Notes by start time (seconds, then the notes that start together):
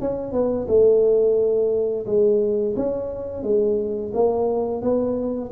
0.00 C#4
0.32 B3
0.68 A3
2.06 G#3
2.76 C#4
3.43 G#3
4.14 A#3
4.82 B3